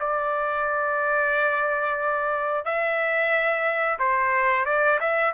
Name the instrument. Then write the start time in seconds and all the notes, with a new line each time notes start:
trumpet
0.00 D5
2.65 E5
3.99 C5
4.66 D5
5.00 E5